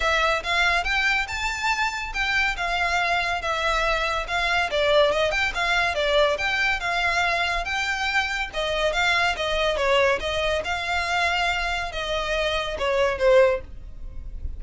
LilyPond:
\new Staff \with { instrumentName = "violin" } { \time 4/4 \tempo 4 = 141 e''4 f''4 g''4 a''4~ | a''4 g''4 f''2 | e''2 f''4 d''4 | dis''8 g''8 f''4 d''4 g''4 |
f''2 g''2 | dis''4 f''4 dis''4 cis''4 | dis''4 f''2. | dis''2 cis''4 c''4 | }